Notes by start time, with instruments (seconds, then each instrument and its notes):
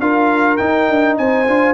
0.00 tuba D4, trombone F4, horn A#4, trumpet F5
0.57 trombone D#4, tuba D#4, trumpet G5
0.89 tuba D4
1.17 tuba C4, horn C5, trumpet G#5
1.47 tuba D4, trombone F4